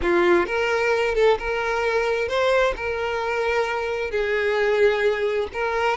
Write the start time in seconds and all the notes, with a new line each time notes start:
0.01 F4
0.46 A#4
1.15 A4
1.38 A#4
2.28 C5
2.76 A#4
4.10 G#4
5.53 A#4